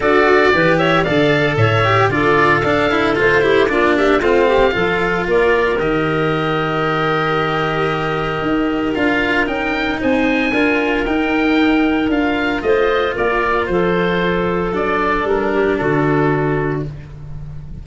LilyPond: <<
  \new Staff \with { instrumentName = "oboe" } { \time 4/4 \tempo 4 = 114 d''4. e''8 f''4 e''4 | d''4 f''4 c''4 d''8 e''8 | f''2 d''4 dis''4~ | dis''1~ |
dis''4 f''4 g''4 gis''4~ | gis''4 g''2 f''4 | dis''4 d''4 c''2 | d''4 ais'4 a'2 | }
  \new Staff \with { instrumentName = "clarinet" } { \time 4/4 a'4 b'8 cis''8 d''4 cis''4 | a'2~ a'8 g'8 f'8 g'8 | f'8 g'8 a'4 ais'2~ | ais'1~ |
ais'2. c''4 | ais'1 | c''4 ais'4 a'2~ | a'4. g'8 fis'2 | }
  \new Staff \with { instrumentName = "cello" } { \time 4/4 fis'4 g'4 a'4. g'8 | f'4 d'8 e'8 f'8 e'8 d'4 | c'4 f'2 g'4~ | g'1~ |
g'4 f'4 dis'2 | f'4 dis'2 f'4~ | f'1 | d'1 | }
  \new Staff \with { instrumentName = "tuba" } { \time 4/4 d'4 e4 d4 a,4 | d4 d'4 a4 ais4 | a4 f4 ais4 dis4~ | dis1 |
dis'4 d'4 cis'4 c'4 | d'4 dis'2 d'4 | a4 ais4 f2 | fis4 g4 d2 | }
>>